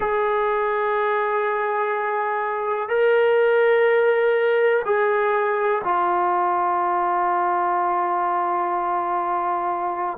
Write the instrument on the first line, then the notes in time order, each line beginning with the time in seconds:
trombone
0.00 G#4
2.89 A#4
4.85 G#4
5.84 F4